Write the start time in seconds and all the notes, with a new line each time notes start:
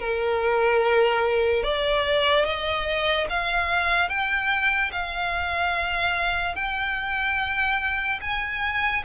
0.00 A#4
1.64 D5
2.45 D#5
3.30 F5
4.09 G5
4.92 F5
6.56 G5
8.22 G#5